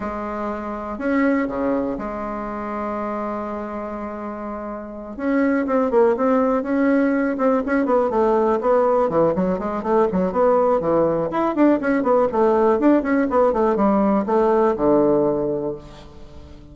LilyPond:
\new Staff \with { instrumentName = "bassoon" } { \time 4/4 \tempo 4 = 122 gis2 cis'4 cis4 | gis1~ | gis2~ gis8 cis'4 c'8 | ais8 c'4 cis'4. c'8 cis'8 |
b8 a4 b4 e8 fis8 gis8 | a8 fis8 b4 e4 e'8 d'8 | cis'8 b8 a4 d'8 cis'8 b8 a8 | g4 a4 d2 | }